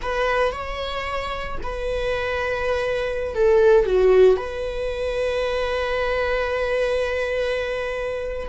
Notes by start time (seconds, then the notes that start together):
0.02 B4
0.51 C#5
1.62 B4
3.35 A4
3.86 F#4
4.37 B4